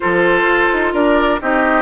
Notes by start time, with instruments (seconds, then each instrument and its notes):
0.00 bassoon F3, clarinet F4, oboe A4, flute C5
0.42 bassoon F4
0.72 bassoon D#4
0.93 bassoon D4, oboe A#4, flute D5
1.41 bassoon C4, clarinet D#4, oboe G4, flute D#5